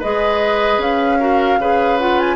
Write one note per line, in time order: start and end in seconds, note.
0.00 0.78 G#3
0.00 1.20 G#4
0.00 1.18 B4
0.00 0.81 D#5
0.78 1.57 C#4
0.78 2.00 F5
1.20 1.60 F#4
1.20 1.59 A#4
1.58 2.37 C#3
1.58 2.00 G#4
1.58 2.37 B4
2.00 2.37 F4
2.00 2.19 F#5
2.19 2.37 G#5